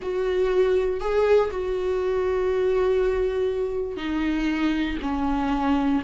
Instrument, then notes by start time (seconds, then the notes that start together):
viola
0.02 F#4
1.00 G#4
1.50 F#4
3.96 D#4
5.02 C#4